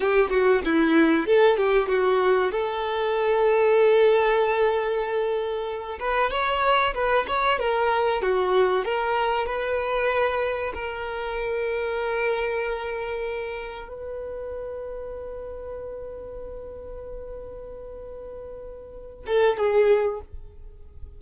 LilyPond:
\new Staff \with { instrumentName = "violin" } { \time 4/4 \tempo 4 = 95 g'8 fis'8 e'4 a'8 g'8 fis'4 | a'1~ | a'4. b'8 cis''4 b'8 cis''8 | ais'4 fis'4 ais'4 b'4~ |
b'4 ais'2.~ | ais'2 b'2~ | b'1~ | b'2~ b'8 a'8 gis'4 | }